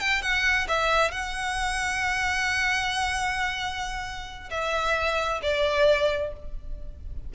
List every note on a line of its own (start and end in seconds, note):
0.00 0.22 G5
0.22 0.67 F#5
0.68 1.11 E5
1.11 4.50 F#5
4.50 5.41 E5
5.42 6.33 D5